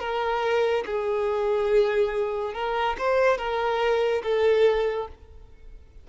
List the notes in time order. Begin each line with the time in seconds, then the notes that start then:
0.00 A#4
0.86 G#4
2.54 A#4
2.98 C5
3.38 A#4
4.23 A4